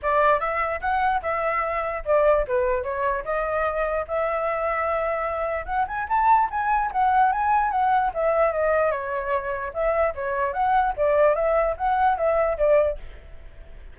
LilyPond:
\new Staff \with { instrumentName = "flute" } { \time 4/4 \tempo 4 = 148 d''4 e''4 fis''4 e''4~ | e''4 d''4 b'4 cis''4 | dis''2 e''2~ | e''2 fis''8 gis''8 a''4 |
gis''4 fis''4 gis''4 fis''4 | e''4 dis''4 cis''2 | e''4 cis''4 fis''4 d''4 | e''4 fis''4 e''4 d''4 | }